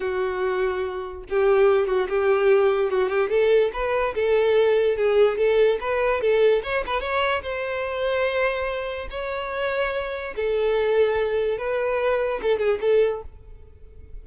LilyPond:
\new Staff \with { instrumentName = "violin" } { \time 4/4 \tempo 4 = 145 fis'2. g'4~ | g'8 fis'8 g'2 fis'8 g'8 | a'4 b'4 a'2 | gis'4 a'4 b'4 a'4 |
cis''8 b'8 cis''4 c''2~ | c''2 cis''2~ | cis''4 a'2. | b'2 a'8 gis'8 a'4 | }